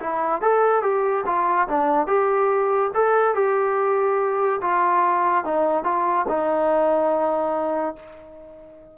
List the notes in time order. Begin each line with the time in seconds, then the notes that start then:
0.00 E4
0.42 A4
0.83 G4
1.26 F4
1.69 D4
2.08 G4
2.95 A4
3.35 G4
4.62 F4
5.45 D#4
5.84 F4
6.28 D#4